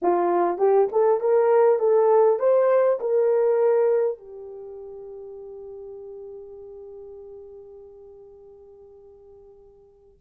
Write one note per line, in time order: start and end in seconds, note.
0.02 0.58 F4
0.58 0.88 G4
0.92 1.20 A4
1.20 1.79 A#4
1.79 2.39 A4
2.39 2.99 C5
3.00 4.17 A#4
4.17 10.17 G4